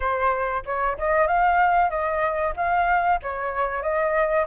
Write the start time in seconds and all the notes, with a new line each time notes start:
0.00 C5
0.65 C#5
0.97 D#5
1.27 F5
1.90 D#5
2.56 F5
3.22 C#5
3.82 D#5